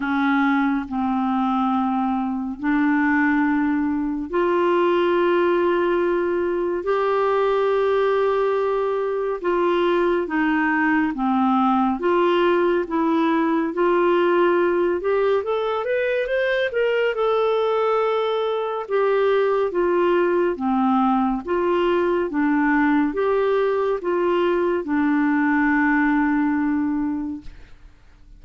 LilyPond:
\new Staff \with { instrumentName = "clarinet" } { \time 4/4 \tempo 4 = 70 cis'4 c'2 d'4~ | d'4 f'2. | g'2. f'4 | dis'4 c'4 f'4 e'4 |
f'4. g'8 a'8 b'8 c''8 ais'8 | a'2 g'4 f'4 | c'4 f'4 d'4 g'4 | f'4 d'2. | }